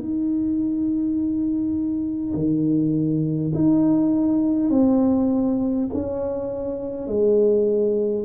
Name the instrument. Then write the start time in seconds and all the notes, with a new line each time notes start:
tuba
0.00 D#4
2.35 D#3
3.55 D#4
4.70 C4
5.94 C#4
7.07 G#3